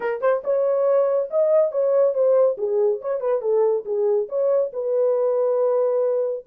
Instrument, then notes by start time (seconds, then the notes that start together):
horn
0.00 A#4
0.21 C5
0.44 C#5
1.30 D#5
1.71 C#5
2.14 C5
2.57 G#4
3.01 C#5
3.20 B4
3.41 A4
3.85 G#4
4.28 C#5
4.73 B4